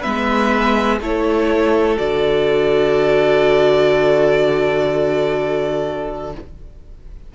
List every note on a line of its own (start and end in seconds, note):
0.00 1.00 G#3
0.00 1.00 B3
0.00 0.97 B4
0.00 0.99 E5
1.00 1.97 A3
1.00 1.97 E4
1.00 6.34 A4
1.00 1.98 C#5
1.97 6.35 D3
1.97 6.32 F#4
1.97 6.33 D5